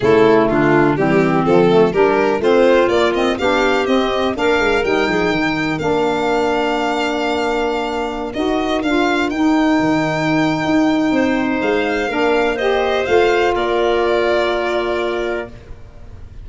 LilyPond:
<<
  \new Staff \with { instrumentName = "violin" } { \time 4/4 \tempo 4 = 124 a'4 f'4 g'4 a'4 | ais'4 c''4 d''8 dis''8 f''4 | dis''4 f''4 g''2 | f''1~ |
f''4~ f''16 dis''4 f''4 g''8.~ | g''1 | f''2 dis''4 f''4 | d''1 | }
  \new Staff \with { instrumentName = "clarinet" } { \time 4/4 e'4 d'4 c'2 | g'4 f'2 g'4~ | g'4 ais'4. gis'8 ais'4~ | ais'1~ |
ais'1~ | ais'2. c''4~ | c''4 ais'4 c''2 | ais'1 | }
  \new Staff \with { instrumentName = "saxophone" } { \time 4/4 a2 g4 f8 a8 | d'4 c'4 ais8 c'8 d'4 | c'4 d'4 dis'2 | d'1~ |
d'4~ d'16 fis'4 f'4 dis'8.~ | dis'1~ | dis'4 d'4 g'4 f'4~ | f'1 | }
  \new Staff \with { instrumentName = "tuba" } { \time 4/4 cis4 d4 e4 f4 | g4 a4 ais4 b4 | c'4 ais8 gis8 g8 f8 dis4 | ais1~ |
ais4~ ais16 dis'4 d'4 dis'8.~ | dis'16 dis4.~ dis16 dis'4 c'4 | gis4 ais2 a4 | ais1 | }
>>